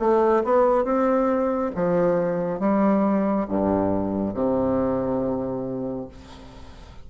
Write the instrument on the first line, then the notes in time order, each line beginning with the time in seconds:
bassoon
0.00 A3
0.44 B3
0.85 C4
1.76 F3
2.60 G3
3.49 G2
4.35 C3